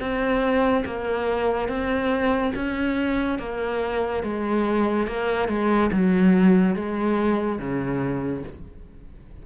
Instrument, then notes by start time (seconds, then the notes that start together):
cello
0.00 C4
0.86 A#3
1.69 C4
2.55 C#4
3.39 A#3
4.24 G#3
5.07 A#3
5.49 G#3
5.93 F#3
6.76 G#3
7.59 C#3